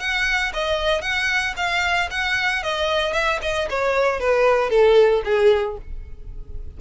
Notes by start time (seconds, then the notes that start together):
0.00 F#5
0.54 D#5
1.02 F#5
1.57 F5
2.11 F#5
2.63 D#5
3.13 E5
3.42 D#5
3.70 C#5
4.20 B4
4.70 A4
5.25 G#4